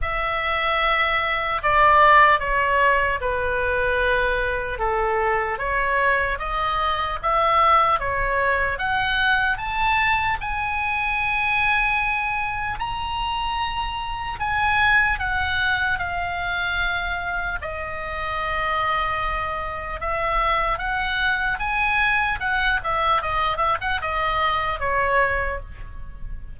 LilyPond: \new Staff \with { instrumentName = "oboe" } { \time 4/4 \tempo 4 = 75 e''2 d''4 cis''4 | b'2 a'4 cis''4 | dis''4 e''4 cis''4 fis''4 | a''4 gis''2. |
ais''2 gis''4 fis''4 | f''2 dis''2~ | dis''4 e''4 fis''4 gis''4 | fis''8 e''8 dis''8 e''16 fis''16 dis''4 cis''4 | }